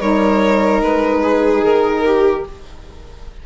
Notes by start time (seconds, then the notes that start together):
0.00 G3 D#4 A#4 C#5
0.81 G#3 B4
1.22 G#4
1.62 D#3 A#4
2.05 G4